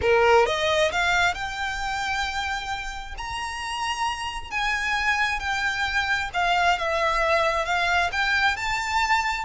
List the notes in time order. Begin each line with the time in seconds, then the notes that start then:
0.01 A#4
0.46 D#5
0.91 F5
1.34 G5
3.17 A#5
4.51 G#5
5.39 G5
6.33 F5
6.78 E5
7.65 F5
8.12 G5
8.56 A5